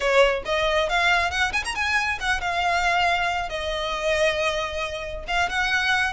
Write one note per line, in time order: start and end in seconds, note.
0.00 0.43 C#5
0.45 0.89 D#5
0.89 1.30 F5
1.30 1.52 F#5
1.52 1.63 G#5
1.64 1.75 A#5
1.75 2.18 G#5
2.20 2.40 F#5
2.40 3.49 F5
3.49 5.24 D#5
5.27 5.49 F5
5.49 6.13 F#5